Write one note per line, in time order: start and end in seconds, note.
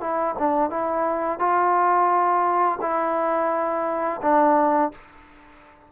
0.00 0.35 E4
0.39 0.70 D4
0.70 1.39 E4
1.39 2.78 F4
2.81 4.21 E4
4.21 4.91 D4